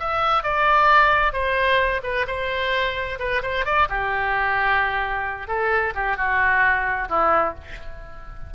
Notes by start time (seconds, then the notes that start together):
0.00 E5
0.44 D5
1.33 C5
2.04 B4
2.28 C5
3.20 B4
3.43 C5
3.65 D5
3.90 G4
5.48 A4
5.95 G4
6.17 F#4
7.09 E4